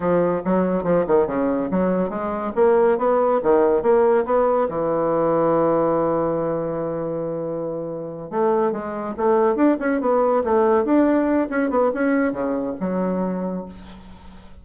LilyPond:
\new Staff \with { instrumentName = "bassoon" } { \time 4/4 \tempo 4 = 141 f4 fis4 f8 dis8 cis4 | fis4 gis4 ais4 b4 | dis4 ais4 b4 e4~ | e1~ |
e2.~ e8 a8~ | a8 gis4 a4 d'8 cis'8 b8~ | b8 a4 d'4. cis'8 b8 | cis'4 cis4 fis2 | }